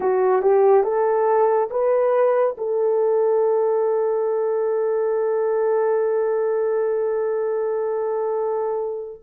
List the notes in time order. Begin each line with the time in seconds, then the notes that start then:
0.00 F#4
0.41 G4
0.83 A4
1.70 B4
2.57 A4